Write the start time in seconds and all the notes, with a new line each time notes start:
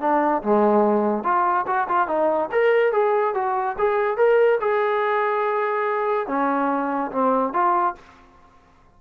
0.00 D4
0.43 G#3
1.23 F4
1.66 F#4
1.88 F4
2.07 D#4
2.51 A#4
2.92 G#4
3.34 F#4
3.78 G#4
4.17 A#4
4.60 G#4
6.27 C#4
7.12 C4
7.53 F4